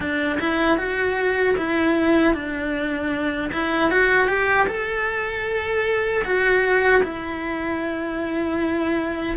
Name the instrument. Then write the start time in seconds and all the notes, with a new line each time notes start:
cello
0.00 D4
0.40 E4
0.77 F#4
1.57 E4
2.34 D4
3.52 E4
3.91 F#4
4.28 G4
4.67 A4
6.24 F#4
7.03 E4